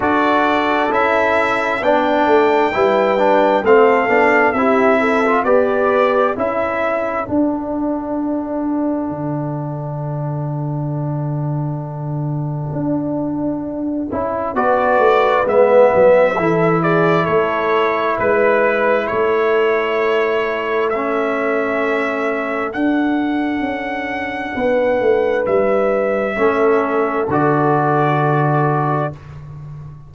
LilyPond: <<
  \new Staff \with { instrumentName = "trumpet" } { \time 4/4 \tempo 4 = 66 d''4 e''4 g''2 | f''4 e''4 d''4 e''4 | fis''1~ | fis''1 |
d''4 e''4. d''8 cis''4 | b'4 cis''2 e''4~ | e''4 fis''2. | e''2 d''2 | }
  \new Staff \with { instrumentName = "horn" } { \time 4/4 a'2 d''4 b'4 | a'4 g'8 a'8 b'4 a'4~ | a'1~ | a'1 |
b'2 a'8 gis'8 a'4 | b'4 a'2.~ | a'2. b'4~ | b'4 a'2. | }
  \new Staff \with { instrumentName = "trombone" } { \time 4/4 fis'4 e'4 d'4 e'8 d'8 | c'8 d'8 e'8. f'16 g'4 e'4 | d'1~ | d'2.~ d'8 e'8 |
fis'4 b4 e'2~ | e'2. cis'4~ | cis'4 d'2.~ | d'4 cis'4 fis'2 | }
  \new Staff \with { instrumentName = "tuba" } { \time 4/4 d'4 cis'4 b8 a8 g4 | a8 b8 c'4 b4 cis'4 | d'2 d2~ | d2 d'4. cis'8 |
b8 a8 gis8 fis8 e4 a4 | gis4 a2.~ | a4 d'4 cis'4 b8 a8 | g4 a4 d2 | }
>>